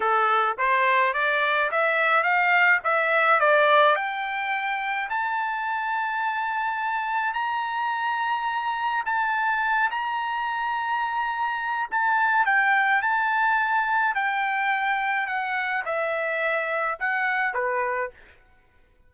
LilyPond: \new Staff \with { instrumentName = "trumpet" } { \time 4/4 \tempo 4 = 106 a'4 c''4 d''4 e''4 | f''4 e''4 d''4 g''4~ | g''4 a''2.~ | a''4 ais''2. |
a''4. ais''2~ ais''8~ | ais''4 a''4 g''4 a''4~ | a''4 g''2 fis''4 | e''2 fis''4 b'4 | }